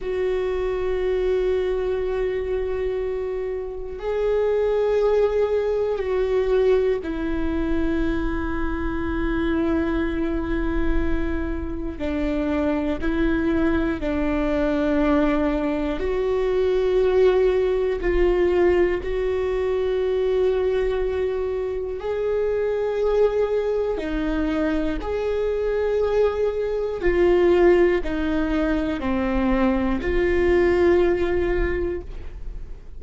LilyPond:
\new Staff \with { instrumentName = "viola" } { \time 4/4 \tempo 4 = 60 fis'1 | gis'2 fis'4 e'4~ | e'1 | d'4 e'4 d'2 |
fis'2 f'4 fis'4~ | fis'2 gis'2 | dis'4 gis'2 f'4 | dis'4 c'4 f'2 | }